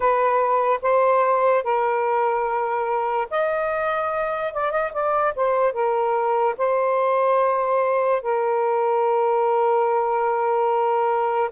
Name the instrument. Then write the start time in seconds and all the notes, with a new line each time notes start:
saxophone
0.00 B4
0.82 C5
1.63 A#4
3.30 D#5
4.53 D5
4.71 D#5
4.92 D5
5.35 C5
5.72 A#4
6.57 C5
8.22 A#4